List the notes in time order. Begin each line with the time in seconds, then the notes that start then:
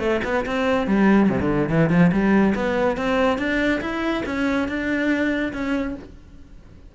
0.00 A3
0.25 B3
0.46 C4
0.88 G3
1.30 C3
1.41 D3
1.70 E3
1.90 F3
2.13 G3
2.56 B3
2.98 C4
3.39 D4
3.82 E4
4.26 C#4
4.69 D4
5.53 C#4